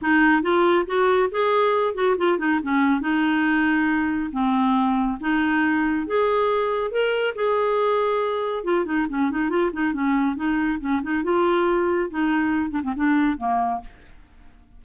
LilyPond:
\new Staff \with { instrumentName = "clarinet" } { \time 4/4 \tempo 4 = 139 dis'4 f'4 fis'4 gis'4~ | gis'8 fis'8 f'8 dis'8 cis'4 dis'4~ | dis'2 c'2 | dis'2 gis'2 |
ais'4 gis'2. | f'8 dis'8 cis'8 dis'8 f'8 dis'8 cis'4 | dis'4 cis'8 dis'8 f'2 | dis'4. d'16 c'16 d'4 ais4 | }